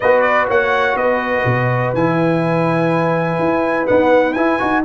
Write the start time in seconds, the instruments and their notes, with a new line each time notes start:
0.00 tuba B3, trombone F#4, horn B4, trumpet D#5
0.21 trumpet D5
0.47 tuba A#3, horn C#5, trumpet F#5
0.95 tuba B3, horn B4, trumpet D#5
1.45 tuba B2
1.93 tuba E3, trombone E4, trumpet G#5
3.39 tuba E4
3.86 trombone B3, tuba D#4, trumpet F#5
4.33 tuba E4, trombone E4, trumpet G#5
4.59 tuba D#4, trombone F#4